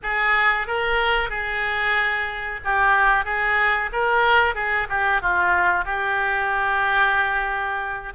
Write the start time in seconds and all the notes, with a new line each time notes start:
0.02 G#4
0.67 A#4
1.29 G#4
2.64 G4
3.24 G#4
3.92 A#4
4.54 G#4
4.89 G4
5.21 F4
5.84 G4